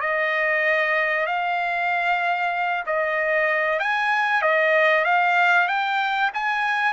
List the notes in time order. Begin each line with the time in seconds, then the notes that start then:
0.00 D#5
1.26 F5
2.86 D#5
3.79 G#5
4.42 D#5
5.04 F5
5.67 G5
6.34 G#5